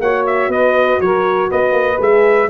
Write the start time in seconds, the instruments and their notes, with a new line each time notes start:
0.00 tuba A#3, horn F#4, saxophone C#5, trumpet F#5
0.27 trumpet E5
0.48 tuba B3, saxophone B4, trumpet D#5
1.01 tuba F#3, saxophone A#4, trumpet C#5
1.49 tuba B3, saxophone B4, trumpet D#5
1.72 tuba A#3
1.97 tuba G#3, horn G#4, trumpet E5